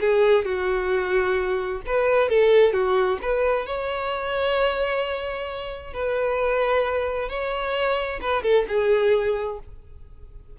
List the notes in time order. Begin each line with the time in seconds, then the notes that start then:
0.00 G#4
0.45 F#4
1.86 B4
2.29 A4
2.73 F#4
3.21 B4
3.66 C#5
5.93 B4
7.29 C#5
8.21 B4
8.43 A4
8.68 G#4